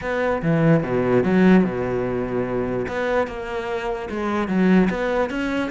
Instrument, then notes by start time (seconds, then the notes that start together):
cello
0.01 B3
0.42 E3
0.83 B2
1.23 F#3
1.64 B2
2.88 B3
3.27 A#3
4.09 G#3
4.48 F#3
4.90 B3
5.30 C#4